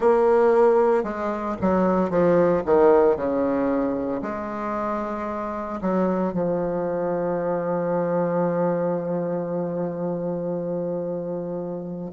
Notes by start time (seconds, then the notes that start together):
0.00 A#3
1.03 G#3
1.61 F#3
2.10 F3
2.65 D#3
3.16 C#3
4.22 G#3
5.81 F#3
6.33 F3